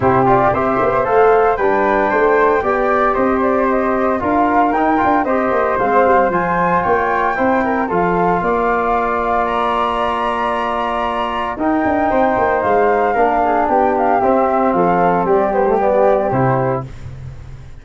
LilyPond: <<
  \new Staff \with { instrumentName = "flute" } { \time 4/4 \tempo 4 = 114 c''8 d''8 e''4 f''4 g''4~ | g''2 dis''8 d''8 dis''4 | f''4 g''4 dis''4 f''4 | gis''4 g''2 f''4~ |
f''2 ais''2~ | ais''2 g''2 | f''2 g''8 f''8 e''4 | f''4 d''8 c''8 d''4 c''4 | }
  \new Staff \with { instrumentName = "flute" } { \time 4/4 g'4 c''2 b'4 | c''4 d''4 c''2 | ais'2 c''2~ | c''4 cis''4 c''8 ais'8 a'4 |
d''1~ | d''2 ais'4 c''4~ | c''4 ais'8 gis'8 g'2 | a'4 g'2. | }
  \new Staff \with { instrumentName = "trombone" } { \time 4/4 e'8 f'8 g'4 a'4 d'4~ | d'4 g'2. | f'4 dis'8 f'8 g'4 c'4 | f'2 e'4 f'4~ |
f'1~ | f'2 dis'2~ | dis'4 d'2 c'4~ | c'4. b16 a16 b4 e'4 | }
  \new Staff \with { instrumentName = "tuba" } { \time 4/4 c4 c'8 b8 a4 g4 | a4 b4 c'2 | d'4 dis'8 d'8 c'8 ais8 gis8 g8 | f4 ais4 c'4 f4 |
ais1~ | ais2 dis'8 d'8 c'8 ais8 | gis4 ais4 b4 c'4 | f4 g2 c4 | }
>>